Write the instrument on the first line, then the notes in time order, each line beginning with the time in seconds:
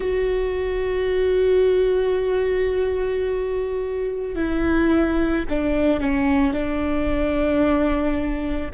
viola
0.00 F#4
4.35 E4
5.48 D4
6.00 C#4
6.53 D4